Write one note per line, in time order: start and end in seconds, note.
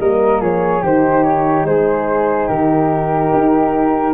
0.00 0.41 G3
0.00 0.83 A#3
0.00 0.41 A#4
0.00 0.42 D#5
0.41 0.83 F3
0.41 0.83 G#4
0.41 0.84 C#5
0.83 1.64 D#3
0.83 4.14 D#4
0.83 1.66 G4
0.83 1.24 C5
1.24 1.66 C#5
1.64 2.48 G#3
1.64 2.47 G#4
1.64 2.49 C5
2.47 3.33 D#3
2.47 4.14 G4
2.47 4.14 A#4
3.33 4.14 D#4